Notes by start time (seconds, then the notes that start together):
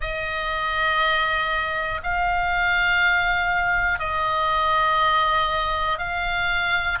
0.00 D#5
2.03 F5
3.99 D#5
5.98 F5